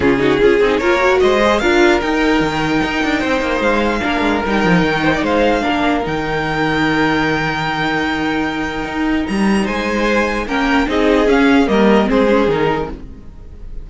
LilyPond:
<<
  \new Staff \with { instrumentName = "violin" } { \time 4/4 \tempo 4 = 149 gis'2 cis''4 dis''4 | f''4 g''2.~ | g''4 f''2 g''4~ | g''4 f''2 g''4~ |
g''1~ | g''2. ais''4 | gis''2 g''4 dis''4 | f''4 dis''4 c''4 ais'4 | }
  \new Staff \with { instrumentName = "violin" } { \time 4/4 f'8 fis'8 gis'4 ais'4 c''4 | ais'1 | c''2 ais'2~ | ais'8 c''16 d''16 c''4 ais'2~ |
ais'1~ | ais'1 | c''2 ais'4 gis'4~ | gis'4 ais'4 gis'2 | }
  \new Staff \with { instrumentName = "viola" } { \time 4/4 cis'8 dis'8 f'8 dis'8 f'8 fis'4 gis'8 | f'4 dis'2.~ | dis'2 d'4 dis'4~ | dis'2 d'4 dis'4~ |
dis'1~ | dis'1~ | dis'2 cis'4 dis'4 | cis'4 ais4 c'8 cis'8 dis'4 | }
  \new Staff \with { instrumentName = "cello" } { \time 4/4 cis4 cis'8 c'8 ais4 gis4 | d'4 dis'4 dis4 dis'8 d'8 | c'8 ais8 gis4 ais8 gis8 g8 f8 | dis4 gis4 ais4 dis4~ |
dis1~ | dis2 dis'4 g4 | gis2 ais4 c'4 | cis'4 g4 gis4 dis4 | }
>>